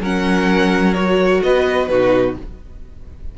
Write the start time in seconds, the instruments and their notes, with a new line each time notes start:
0.00 cello F#3, viola C#4, violin A#4 F#5
0.94 viola F#4, violin C#5
1.43 cello B3, violin B4 D#5
1.88 cello B2, viola D#4, violin F#4 B4